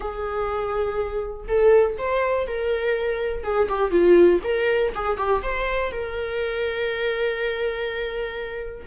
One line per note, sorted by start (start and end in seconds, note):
0.00 1.46 G#4
1.48 1.97 A4
1.97 2.47 C5
2.47 3.43 A#4
3.43 3.68 G#4
3.69 3.91 G4
3.91 4.40 F4
4.43 4.92 A#4
4.94 5.17 G#4
5.17 5.41 G4
5.42 5.91 C5
5.91 8.86 A#4